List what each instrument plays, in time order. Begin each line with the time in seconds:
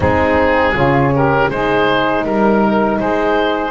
0.00 double bass G#3, horn C4, saxophone D#4, oboe G#4
0.73 double bass C#3, horn C#4, saxophone F4
1.13 saxophone G4, oboe A#4
1.49 double bass G#3, horn D#4, saxophone G#4, oboe C5
2.24 double bass G3, saxophone A#4, oboe A#4
2.98 double bass G#3, saxophone G#4, oboe C5